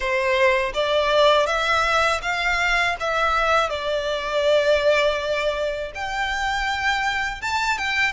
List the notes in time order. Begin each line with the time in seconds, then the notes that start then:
0.00 C5
0.73 D5
1.46 E5
2.22 F5
3.00 E5
3.69 D5
5.95 G5
7.41 A5
7.78 G5